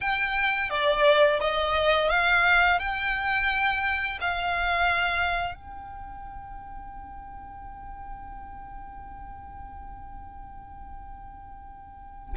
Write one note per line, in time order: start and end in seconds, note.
0.00 0.69 G5
0.69 1.39 D5
1.40 2.09 D#5
2.09 2.79 F5
2.79 4.18 G5
4.20 5.54 F5
5.54 12.35 G5